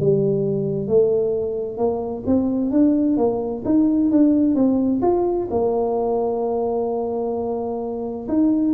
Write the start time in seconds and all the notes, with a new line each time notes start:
0.00 G3
0.88 A3
1.77 A#3
2.26 C4
2.71 D4
3.17 A#3
3.65 D#4
4.11 D4
4.55 C4
5.02 F4
5.50 A#3
8.28 D#4